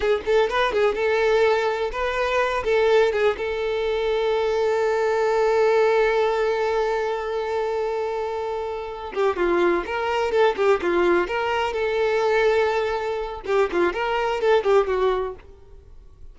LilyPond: \new Staff \with { instrumentName = "violin" } { \time 4/4 \tempo 4 = 125 gis'8 a'8 b'8 gis'8 a'2 | b'4. a'4 gis'8 a'4~ | a'1~ | a'1~ |
a'2. g'8 f'8~ | f'8 ais'4 a'8 g'8 f'4 ais'8~ | ais'8 a'2.~ a'8 | g'8 f'8 ais'4 a'8 g'8 fis'4 | }